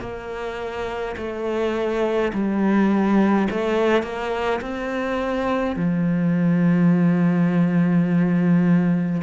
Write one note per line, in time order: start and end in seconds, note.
0.00 1.15 A#3
1.16 2.32 A3
2.33 3.48 G3
3.50 4.02 A3
4.02 4.60 A#3
4.61 5.76 C4
5.76 9.22 F3